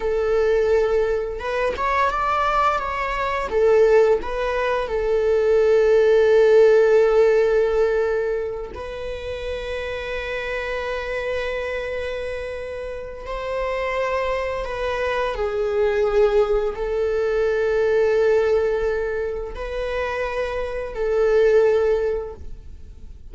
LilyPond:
\new Staff \with { instrumentName = "viola" } { \time 4/4 \tempo 4 = 86 a'2 b'8 cis''8 d''4 | cis''4 a'4 b'4 a'4~ | a'1~ | a'8 b'2.~ b'8~ |
b'2. c''4~ | c''4 b'4 gis'2 | a'1 | b'2 a'2 | }